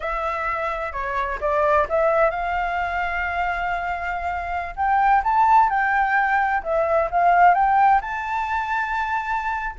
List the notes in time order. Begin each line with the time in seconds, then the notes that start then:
0.00 E5
0.92 C#5
1.40 D5
1.89 E5
2.30 F5
4.75 G5
5.23 A5
5.69 G5
6.63 E5
7.10 F5
7.54 G5
8.01 A5